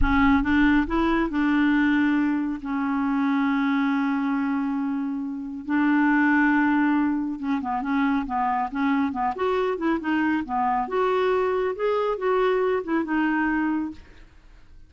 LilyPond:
\new Staff \with { instrumentName = "clarinet" } { \time 4/4 \tempo 4 = 138 cis'4 d'4 e'4 d'4~ | d'2 cis'2~ | cis'1~ | cis'4 d'2.~ |
d'4 cis'8 b8 cis'4 b4 | cis'4 b8 fis'4 e'8 dis'4 | b4 fis'2 gis'4 | fis'4. e'8 dis'2 | }